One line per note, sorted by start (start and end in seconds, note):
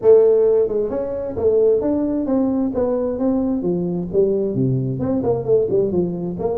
0.01 0.68 A3
0.68 0.90 G#3
0.90 1.35 C#4
1.36 1.81 A3
1.81 2.26 D4
2.26 2.71 C4
2.74 3.18 B3
3.18 3.62 C4
3.62 4.07 F3
4.12 4.55 G3
4.55 4.99 C3
4.99 5.22 C4
5.23 5.44 A#3
5.44 5.67 A3
5.69 5.91 G3
5.91 6.36 F3
6.39 6.58 A#3